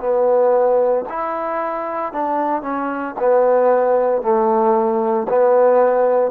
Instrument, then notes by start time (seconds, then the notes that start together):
trombone
0.00 B3
1.09 E4
2.13 D4
2.62 C#4
3.20 B3
4.22 A3
5.29 B3